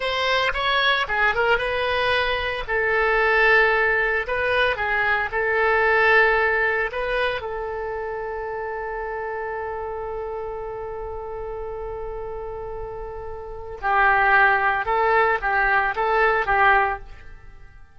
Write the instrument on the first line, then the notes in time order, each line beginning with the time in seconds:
oboe
0.00 C5
0.53 C#5
1.08 G#4
1.34 A#4
1.58 B4
2.67 A4
4.27 B4
4.76 G#4
5.31 A4
6.91 B4
7.41 A4
13.81 G4
14.85 A4
15.41 G4
15.95 A4
16.46 G4